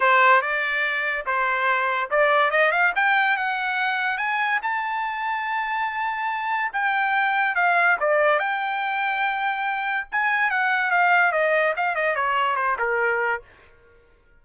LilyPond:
\new Staff \with { instrumentName = "trumpet" } { \time 4/4 \tempo 4 = 143 c''4 d''2 c''4~ | c''4 d''4 dis''8 f''8 g''4 | fis''2 gis''4 a''4~ | a''1 |
g''2 f''4 d''4 | g''1 | gis''4 fis''4 f''4 dis''4 | f''8 dis''8 cis''4 c''8 ais'4. | }